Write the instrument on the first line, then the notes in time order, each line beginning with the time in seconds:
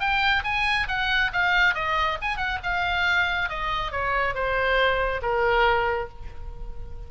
oboe
0.00 G5
0.44 G#5
0.88 F#5
1.33 F5
1.75 D#5
2.22 G#5
2.37 F#5
2.63 F5
3.49 D#5
3.92 C#5
4.34 C5
5.22 A#4